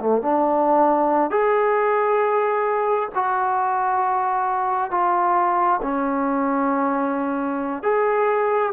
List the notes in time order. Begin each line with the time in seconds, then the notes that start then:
0.00 A3
0.22 D4
1.30 G#4
3.15 F#4
4.91 F4
5.82 C#4
7.83 G#4